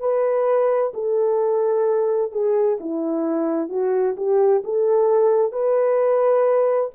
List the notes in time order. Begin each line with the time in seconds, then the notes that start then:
0.00 B4
0.94 A4
2.32 G#4
2.80 E4
3.69 F#4
4.17 G4
4.64 A4
5.52 B4